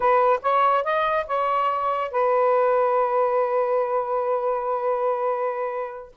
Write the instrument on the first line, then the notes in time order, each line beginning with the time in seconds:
saxophone
0.00 B4
0.42 C#5
0.84 D#5
1.26 C#5
2.11 B4